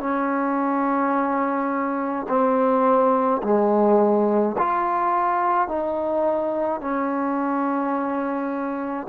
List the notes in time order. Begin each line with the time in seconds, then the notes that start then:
0.00 C#4
2.28 C4
3.43 G#3
4.58 F4
5.68 D#4
6.81 C#4